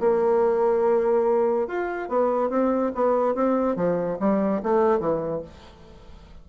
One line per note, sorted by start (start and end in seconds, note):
0.00 1.68 A#3
1.68 2.09 F4
2.09 2.50 B3
2.50 2.92 C4
2.95 3.35 B3
3.35 3.76 C4
3.76 4.18 F3
4.20 4.62 G3
4.63 5.00 A3
5.00 5.42 E3